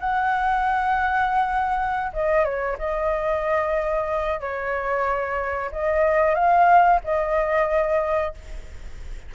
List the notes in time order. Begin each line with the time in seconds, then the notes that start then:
0.00 F#5
2.13 D#5
2.44 C#5
2.78 D#5
4.40 C#5
5.71 D#5
6.35 F5
7.04 D#5